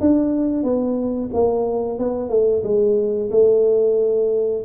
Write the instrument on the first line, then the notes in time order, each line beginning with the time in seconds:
tuba
0.00 D4
0.63 B3
1.33 A#3
1.98 B3
2.29 A3
2.63 G#3
3.30 A3